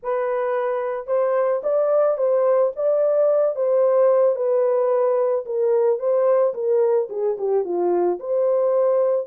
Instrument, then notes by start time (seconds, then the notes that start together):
horn
0.02 B4
1.07 C5
1.63 D5
2.17 C5
2.75 D5
3.55 C5
4.35 B4
5.45 A#4
5.99 C5
6.53 A#4
7.09 G#4
7.38 G4
7.64 F4
8.19 C5